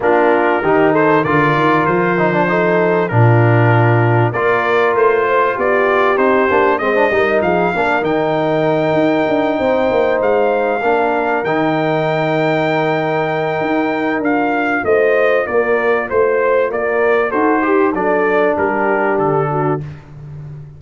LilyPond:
<<
  \new Staff \with { instrumentName = "trumpet" } { \time 4/4 \tempo 4 = 97 ais'4. c''8 d''4 c''4~ | c''4 ais'2 d''4 | c''4 d''4 c''4 dis''4 | f''4 g''2.~ |
g''8 f''2 g''4.~ | g''2. f''4 | dis''4 d''4 c''4 d''4 | c''4 d''4 ais'4 a'4 | }
  \new Staff \with { instrumentName = "horn" } { \time 4/4 f'4 g'8 a'8 ais'2 | a'4 f'2 ais'4~ | ais'8 c''8 g'2 c''8 ais'8 | gis'8 ais'2. c''8~ |
c''4. ais'2~ ais'8~ | ais'1 | c''4 ais'4 c''4 ais'4 | a'8 g'8 a'4 g'4. fis'8 | }
  \new Staff \with { instrumentName = "trombone" } { \time 4/4 d'4 dis'4 f'4. dis'16 d'16 | dis'4 d'2 f'4~ | f'2 dis'8 d'8 c'16 d'16 dis'8~ | dis'8 d'8 dis'2.~ |
dis'4. d'4 dis'4.~ | dis'2. f'4~ | f'1 | fis'8 g'8 d'2. | }
  \new Staff \with { instrumentName = "tuba" } { \time 4/4 ais4 dis4 d8 dis8 f4~ | f4 ais,2 ais4 | a4 b4 c'8 ais8 gis8 g8 | f8 ais8 dis4. dis'8 d'8 c'8 |
ais8 gis4 ais4 dis4.~ | dis2 dis'4 d'4 | a4 ais4 a4 ais4 | dis'4 fis4 g4 d4 | }
>>